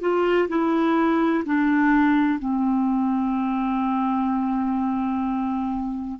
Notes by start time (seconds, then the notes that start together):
0.00 F4
0.48 E4
1.45 D4
2.39 C4